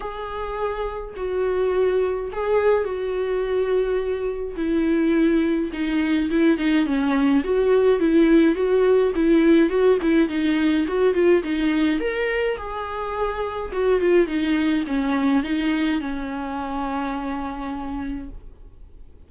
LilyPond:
\new Staff \with { instrumentName = "viola" } { \time 4/4 \tempo 4 = 105 gis'2 fis'2 | gis'4 fis'2. | e'2 dis'4 e'8 dis'8 | cis'4 fis'4 e'4 fis'4 |
e'4 fis'8 e'8 dis'4 fis'8 f'8 | dis'4 ais'4 gis'2 | fis'8 f'8 dis'4 cis'4 dis'4 | cis'1 | }